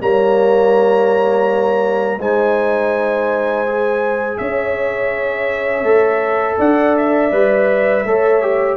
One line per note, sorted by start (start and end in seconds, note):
0.00 2.18 G3
0.00 2.20 A#3
0.00 2.19 C#5
0.00 2.21 A#5
2.18 4.37 G#3
2.18 3.66 D#4
2.18 4.39 C5
2.18 4.38 G#5
3.66 5.85 G#4
4.38 5.84 C#4
4.38 6.59 C#5
4.38 6.58 E5
5.84 6.57 A3
5.84 7.31 A4
6.59 7.32 D4
6.59 8.05 D5
6.59 6.97 F#5
6.97 8.77 E5
7.32 8.05 G3
7.32 8.05 B4
8.05 8.77 A3
8.05 8.43 A4
8.05 8.77 C#5
8.43 8.77 G4